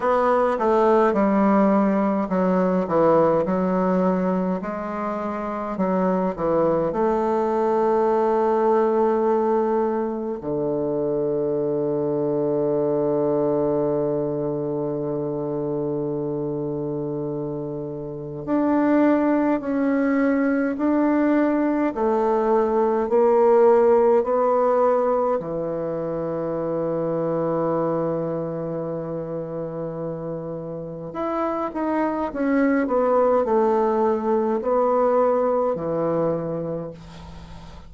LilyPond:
\new Staff \with { instrumentName = "bassoon" } { \time 4/4 \tempo 4 = 52 b8 a8 g4 fis8 e8 fis4 | gis4 fis8 e8 a2~ | a4 d2.~ | d1 |
d'4 cis'4 d'4 a4 | ais4 b4 e2~ | e2. e'8 dis'8 | cis'8 b8 a4 b4 e4 | }